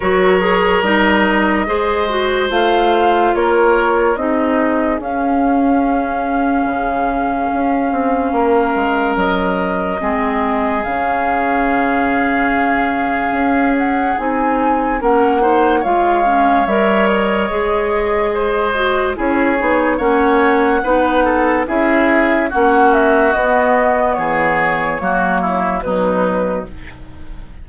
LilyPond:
<<
  \new Staff \with { instrumentName = "flute" } { \time 4/4 \tempo 4 = 72 cis''4 dis''2 f''4 | cis''4 dis''4 f''2~ | f''2. dis''4~ | dis''4 f''2.~ |
f''8 fis''8 gis''4 fis''4 f''4 | e''8 dis''2~ dis''8 cis''4 | fis''2 e''4 fis''8 e''8 | dis''4 cis''2 b'4 | }
  \new Staff \with { instrumentName = "oboe" } { \time 4/4 ais'2 c''2 | ais'4 gis'2.~ | gis'2 ais'2 | gis'1~ |
gis'2 ais'8 c''8 cis''4~ | cis''2 c''4 gis'4 | cis''4 b'8 a'8 gis'4 fis'4~ | fis'4 gis'4 fis'8 e'8 dis'4 | }
  \new Staff \with { instrumentName = "clarinet" } { \time 4/4 fis'8 gis'8 dis'4 gis'8 fis'8 f'4~ | f'4 dis'4 cis'2~ | cis'1 | c'4 cis'2.~ |
cis'4 dis'4 cis'8 dis'8 f'8 cis'8 | ais'4 gis'4. fis'8 e'8 dis'8 | cis'4 dis'4 e'4 cis'4 | b2 ais4 fis4 | }
  \new Staff \with { instrumentName = "bassoon" } { \time 4/4 fis4 g4 gis4 a4 | ais4 c'4 cis'2 | cis4 cis'8 c'8 ais8 gis8 fis4 | gis4 cis2. |
cis'4 c'4 ais4 gis4 | g4 gis2 cis'8 b8 | ais4 b4 cis'4 ais4 | b4 e4 fis4 b,4 | }
>>